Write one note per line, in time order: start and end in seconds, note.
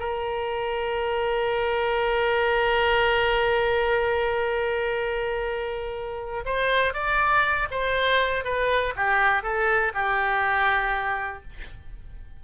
0.00 6.45 A#4
6.46 6.94 C5
6.94 7.69 D5
7.71 8.45 C5
8.45 8.94 B4
8.96 9.43 G4
9.43 9.93 A4
9.95 11.43 G4